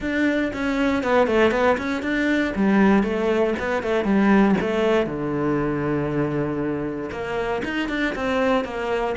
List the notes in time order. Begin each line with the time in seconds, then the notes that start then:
0.00 D4
0.53 C#4
1.03 B3
1.27 A3
1.51 B3
1.77 C#4
2.02 D4
2.55 G3
3.03 A3
3.59 B3
3.83 A3
4.04 G3
4.60 A3
5.06 D3
7.11 A#3
7.64 D#4
7.89 D4
8.15 C4
8.64 A#3